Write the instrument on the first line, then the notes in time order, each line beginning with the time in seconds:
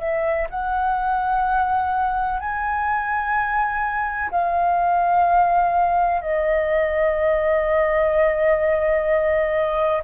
flute
0.00 E5
0.50 F#5
2.40 G#5
4.31 F5
6.22 D#5